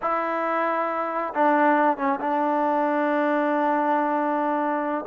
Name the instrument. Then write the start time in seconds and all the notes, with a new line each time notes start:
trombone
0.02 E4
1.34 D4
1.97 C#4
2.20 D4